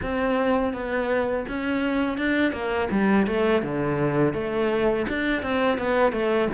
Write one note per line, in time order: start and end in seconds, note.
0.02 0.73 C4
0.73 1.45 B3
1.48 2.17 C#4
2.17 2.52 D4
2.52 2.88 A#3
2.90 3.26 G3
3.26 3.62 A3
3.62 4.33 D3
4.33 5.05 A3
5.08 5.42 D4
5.42 5.77 C4
5.77 6.12 B3
6.12 6.48 A3